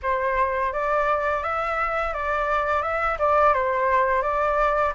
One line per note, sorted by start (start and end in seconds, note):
0.02 0.73 C5
0.73 1.43 D5
1.43 2.13 E5
2.13 2.82 D5
2.82 3.17 E5
3.18 3.53 D5
3.53 4.22 C5
4.22 4.92 D5